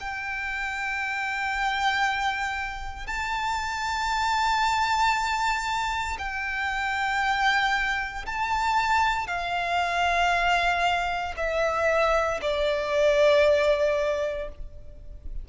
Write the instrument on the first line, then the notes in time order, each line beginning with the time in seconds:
violin
0.00 G5
3.07 A5
6.19 G5
8.26 A5
9.27 F5
11.37 E5
12.42 D5